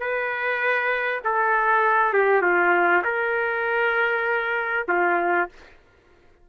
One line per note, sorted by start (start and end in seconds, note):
0.00 1.21 B4
1.25 2.14 A4
2.14 2.42 G4
2.42 3.03 F4
3.05 4.87 A#4
4.89 5.49 F4